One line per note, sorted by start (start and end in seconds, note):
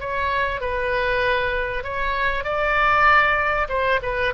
0.00 0.61 C#5
0.61 1.83 B4
1.83 2.44 C#5
2.44 3.67 D5
3.69 4.00 C5
4.02 4.33 B4